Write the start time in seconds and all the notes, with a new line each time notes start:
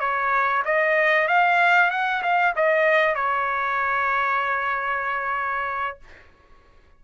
0.00 C#5
0.65 D#5
1.28 F5
1.91 F#5
2.23 F5
2.56 D#5
3.15 C#5